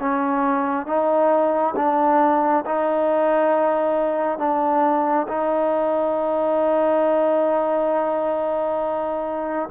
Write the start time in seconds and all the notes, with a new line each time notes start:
0.00 C#4
0.87 D#4
1.76 D4
2.66 D#4
4.39 D4
5.28 D#4